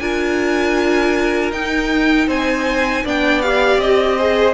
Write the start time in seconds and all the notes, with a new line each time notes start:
0.00 D4 F4 A#4 G#5
1.52 D#4 G5
2.28 C4 C5 G#5
3.05 B3 D4 D5 G5
3.42 G4 F5
3.78 C4 D#5
4.18 G#4 C5